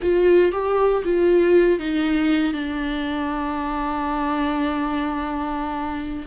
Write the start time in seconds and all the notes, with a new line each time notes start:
0.01 F4
0.52 G4
1.04 F4
1.79 D#4
2.53 D4